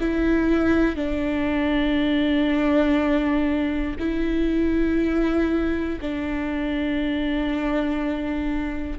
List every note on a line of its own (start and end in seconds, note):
0.00 0.95 E4
0.95 3.95 D4
3.99 5.99 E4
6.01 8.99 D4